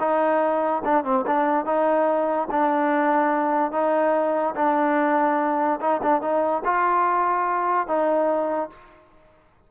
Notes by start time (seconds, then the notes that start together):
0.00 D#4
0.85 D4
1.05 C4
1.27 D4
1.66 D#4
2.51 D4
3.72 D#4
4.56 D4
5.81 D#4
6.03 D4
6.22 D#4
6.65 F4
7.88 D#4